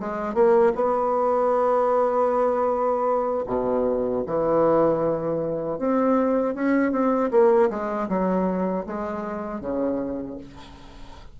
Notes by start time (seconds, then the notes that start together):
0.00 G#3
0.34 A#3
0.75 B3
3.47 B2
4.26 E3
5.78 C4
6.55 C#4
6.92 C4
7.31 A#3
7.70 G#3
8.08 F#3
8.86 G#3
9.60 C#3